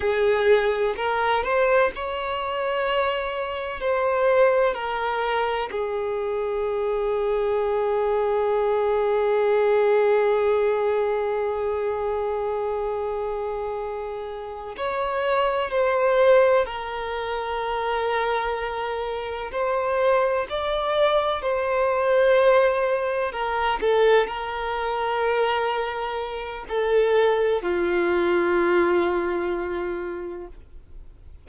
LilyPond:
\new Staff \with { instrumentName = "violin" } { \time 4/4 \tempo 4 = 63 gis'4 ais'8 c''8 cis''2 | c''4 ais'4 gis'2~ | gis'1~ | gis'2.~ gis'8 cis''8~ |
cis''8 c''4 ais'2~ ais'8~ | ais'8 c''4 d''4 c''4.~ | c''8 ais'8 a'8 ais'2~ ais'8 | a'4 f'2. | }